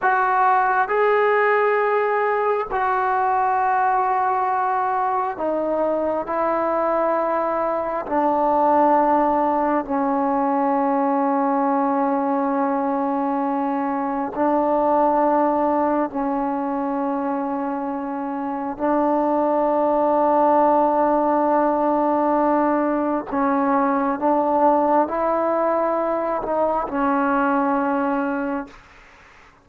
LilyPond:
\new Staff \with { instrumentName = "trombone" } { \time 4/4 \tempo 4 = 67 fis'4 gis'2 fis'4~ | fis'2 dis'4 e'4~ | e'4 d'2 cis'4~ | cis'1 |
d'2 cis'2~ | cis'4 d'2.~ | d'2 cis'4 d'4 | e'4. dis'8 cis'2 | }